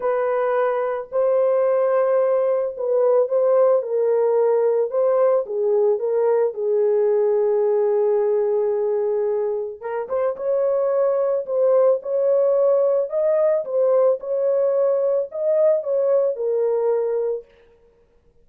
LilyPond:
\new Staff \with { instrumentName = "horn" } { \time 4/4 \tempo 4 = 110 b'2 c''2~ | c''4 b'4 c''4 ais'4~ | ais'4 c''4 gis'4 ais'4 | gis'1~ |
gis'2 ais'8 c''8 cis''4~ | cis''4 c''4 cis''2 | dis''4 c''4 cis''2 | dis''4 cis''4 ais'2 | }